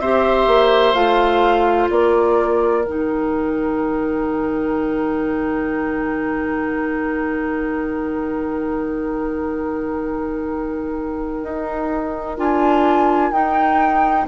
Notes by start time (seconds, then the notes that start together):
0.00 C4 G4 C5 E5
0.48 A#3
0.94 A3 F4 F5
1.90 A#3 A#4 D5
2.85 D#3 D#4 G5
11.44 D#4
12.38 D4 F4 G#5
13.32 D#4 G5